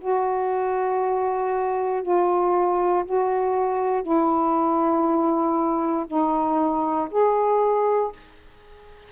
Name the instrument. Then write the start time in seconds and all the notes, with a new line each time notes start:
saxophone
0.00 F#4
2.02 F4
3.05 F#4
4.02 E4
6.06 D#4
7.10 G#4